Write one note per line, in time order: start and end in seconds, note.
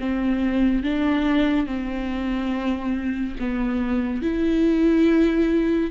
0.00 0.83 C4
0.83 1.67 D4
1.67 3.36 C4
3.40 4.22 B3
4.22 5.91 E4